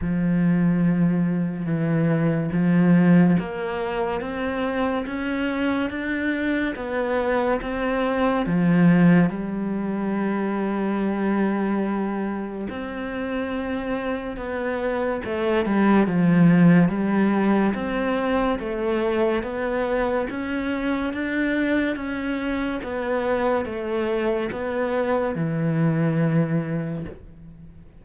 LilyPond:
\new Staff \with { instrumentName = "cello" } { \time 4/4 \tempo 4 = 71 f2 e4 f4 | ais4 c'4 cis'4 d'4 | b4 c'4 f4 g4~ | g2. c'4~ |
c'4 b4 a8 g8 f4 | g4 c'4 a4 b4 | cis'4 d'4 cis'4 b4 | a4 b4 e2 | }